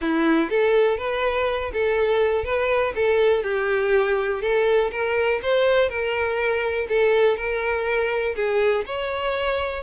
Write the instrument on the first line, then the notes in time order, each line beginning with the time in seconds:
violin
0.01 E4
0.50 A4
0.97 B4
1.73 A4
2.44 B4
2.95 A4
3.43 G4
4.41 A4
4.91 A#4
5.42 C5
5.89 A#4
6.89 A4
7.37 A#4
8.35 G#4
8.86 C#5